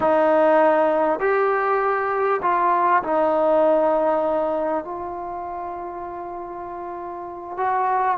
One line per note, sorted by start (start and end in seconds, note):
0.00 1.19 D#4
1.19 2.40 G4
2.42 3.02 F4
3.03 4.84 D#4
4.84 7.57 F4
7.57 8.17 F#4